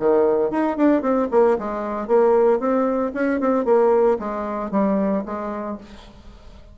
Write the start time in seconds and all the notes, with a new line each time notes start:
0.00 D#3
0.51 D#4
0.78 D4
1.02 C4
1.32 A#3
1.59 G#3
2.08 A#3
2.60 C4
3.15 C#4
3.40 C4
3.65 A#3
4.20 G#3
4.72 G3
5.26 G#3